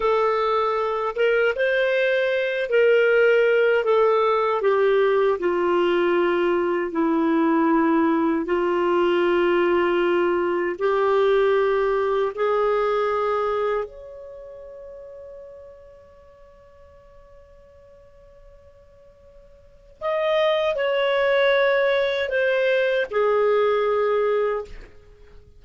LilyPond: \new Staff \with { instrumentName = "clarinet" } { \time 4/4 \tempo 4 = 78 a'4. ais'8 c''4. ais'8~ | ais'4 a'4 g'4 f'4~ | f'4 e'2 f'4~ | f'2 g'2 |
gis'2 cis''2~ | cis''1~ | cis''2 dis''4 cis''4~ | cis''4 c''4 gis'2 | }